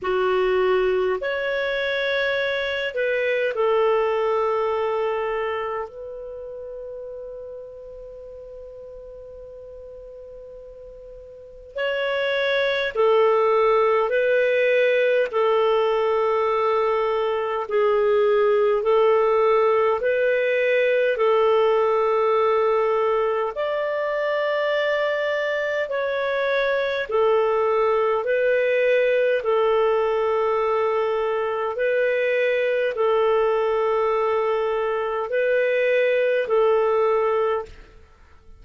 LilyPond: \new Staff \with { instrumentName = "clarinet" } { \time 4/4 \tempo 4 = 51 fis'4 cis''4. b'8 a'4~ | a'4 b'2.~ | b'2 cis''4 a'4 | b'4 a'2 gis'4 |
a'4 b'4 a'2 | d''2 cis''4 a'4 | b'4 a'2 b'4 | a'2 b'4 a'4 | }